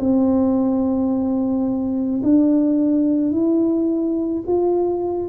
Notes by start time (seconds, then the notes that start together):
0.00 C4
2.23 D4
3.32 E4
4.47 F4